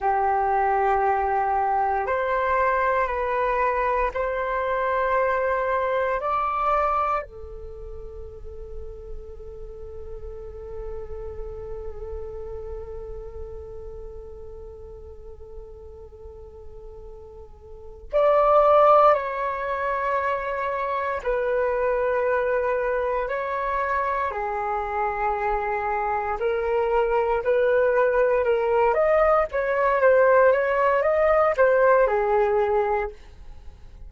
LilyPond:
\new Staff \with { instrumentName = "flute" } { \time 4/4 \tempo 4 = 58 g'2 c''4 b'4 | c''2 d''4 a'4~ | a'1~ | a'1~ |
a'4. d''4 cis''4.~ | cis''8 b'2 cis''4 gis'8~ | gis'4. ais'4 b'4 ais'8 | dis''8 cis''8 c''8 cis''8 dis''8 c''8 gis'4 | }